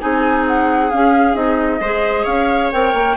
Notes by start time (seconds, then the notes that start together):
0.00 C4 D#4 G#4 G#5
0.48 F#5
0.91 C#4 F5
1.34 C4 D#4 D#5
1.80 G#3 G#4 C5
2.24 C#4 C#5 F5
2.73 C4 A#4 G5
2.94 A#3